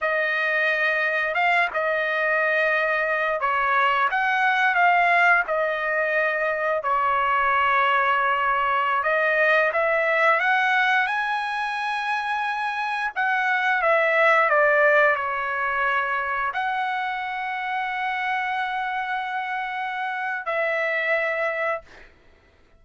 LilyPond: \new Staff \with { instrumentName = "trumpet" } { \time 4/4 \tempo 4 = 88 dis''2 f''8 dis''4.~ | dis''4 cis''4 fis''4 f''4 | dis''2 cis''2~ | cis''4~ cis''16 dis''4 e''4 fis''8.~ |
fis''16 gis''2. fis''8.~ | fis''16 e''4 d''4 cis''4.~ cis''16~ | cis''16 fis''2.~ fis''8.~ | fis''2 e''2 | }